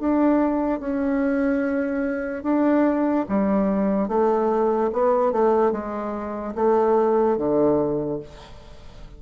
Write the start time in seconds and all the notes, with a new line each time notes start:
0.00 D4
0.80 C#4
2.44 D4
3.29 G3
4.09 A3
4.93 B3
5.33 A3
5.72 G#3
6.56 A3
7.38 D3